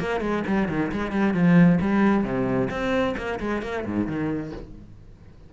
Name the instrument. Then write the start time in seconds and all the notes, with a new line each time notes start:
cello
0.00 A#3
0.21 G#3
0.47 G3
0.69 D#3
0.92 G#3
1.12 G3
1.34 F3
1.81 G3
2.24 C3
2.70 C4
3.17 A#3
3.40 G#3
3.62 A#3
3.86 G#2
4.07 D#3